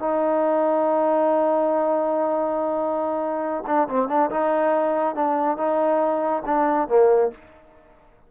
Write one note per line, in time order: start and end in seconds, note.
0.00 3.64 D#4
3.67 3.88 D4
3.89 4.09 C4
4.09 4.30 D4
4.31 5.16 D#4
5.16 5.58 D4
5.58 6.43 D#4
6.46 6.88 D4
6.88 7.31 A#3